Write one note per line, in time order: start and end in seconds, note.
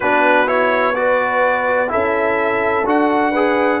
0.00 1.91 B3
0.00 0.46 D4
0.00 0.94 F#4
0.00 0.47 B4
0.46 0.94 E4
0.46 0.94 C#5
0.94 1.88 F#4
0.94 1.91 B4
0.94 1.89 D5
1.88 2.85 C#4
1.88 2.83 E4
1.88 3.31 A4
1.88 2.86 E5
2.85 3.80 D4
2.85 3.33 F#4
2.85 3.80 F#5
3.31 3.80 G#4
3.31 3.78 B4